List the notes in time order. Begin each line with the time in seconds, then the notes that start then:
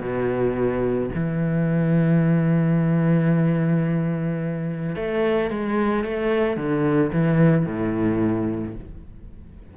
0.00 B2
1.15 E3
4.95 A3
5.50 G#3
6.04 A3
6.56 D3
7.12 E3
7.65 A2